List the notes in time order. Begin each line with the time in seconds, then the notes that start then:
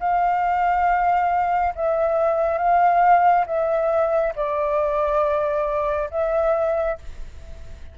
0.00 F5
1.75 E5
2.58 F5
3.47 E5
4.36 D5
6.11 E5